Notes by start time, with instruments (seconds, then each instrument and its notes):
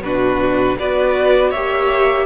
0.00 cello B2, viola D4, violin F#4 B4
0.78 cello B3, viola F#4, violin B4 D5
1.50 cello A#3, viola G4, violin C#5 E5